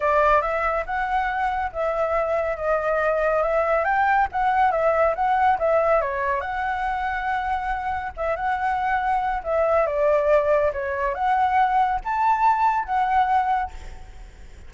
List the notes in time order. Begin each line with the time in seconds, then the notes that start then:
0.00 D5
0.41 E5
0.86 F#5
1.72 E5
2.56 D#5
3.42 E5
3.84 G5
4.31 F#5
4.71 E5
5.15 F#5
5.58 E5
6.01 C#5
6.40 F#5
8.16 E5
8.36 F#5
9.43 E5
9.86 D5
10.73 C#5
11.14 F#5
12.04 A5
12.85 F#5